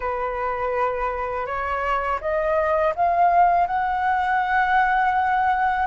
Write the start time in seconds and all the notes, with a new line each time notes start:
0.00 B4
1.46 C#5
2.21 D#5
2.95 F5
3.66 F#5